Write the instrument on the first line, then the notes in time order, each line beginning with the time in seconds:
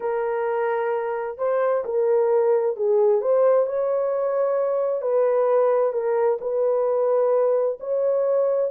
horn
0.00 A#4
1.38 C5
1.84 A#4
2.76 G#4
3.21 C5
3.66 C#5
5.01 B4
5.92 A#4
6.40 B4
7.80 C#5